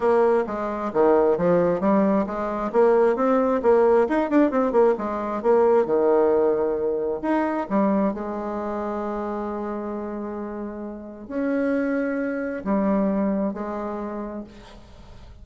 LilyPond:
\new Staff \with { instrumentName = "bassoon" } { \time 4/4 \tempo 4 = 133 ais4 gis4 dis4 f4 | g4 gis4 ais4 c'4 | ais4 dis'8 d'8 c'8 ais8 gis4 | ais4 dis2. |
dis'4 g4 gis2~ | gis1~ | gis4 cis'2. | g2 gis2 | }